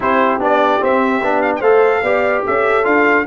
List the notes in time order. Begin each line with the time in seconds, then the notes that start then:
0.00 C4 E4 G4 C5
0.39 B3 D4 D5
0.80 C4 E5
1.21 B3 D4
1.42 F5
1.55 A3 C5 F5 G5
1.62 A4
2.02 B3 G4 D5
2.45 C#4 A4 E5
2.83 D4 F4 F5